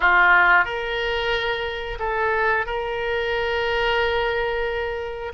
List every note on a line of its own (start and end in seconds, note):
0.00 0.65 F4
0.65 1.98 A#4
1.99 2.65 A4
2.65 5.32 A#4